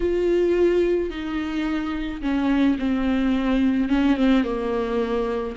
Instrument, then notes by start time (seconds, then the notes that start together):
viola
0.00 F4
1.10 D#4
2.21 C#4
2.79 C4
3.88 C#4
4.16 C4
4.44 A#3